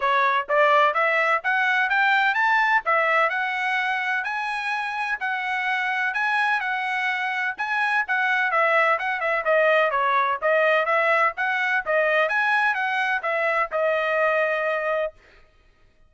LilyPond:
\new Staff \with { instrumentName = "trumpet" } { \time 4/4 \tempo 4 = 127 cis''4 d''4 e''4 fis''4 | g''4 a''4 e''4 fis''4~ | fis''4 gis''2 fis''4~ | fis''4 gis''4 fis''2 |
gis''4 fis''4 e''4 fis''8 e''8 | dis''4 cis''4 dis''4 e''4 | fis''4 dis''4 gis''4 fis''4 | e''4 dis''2. | }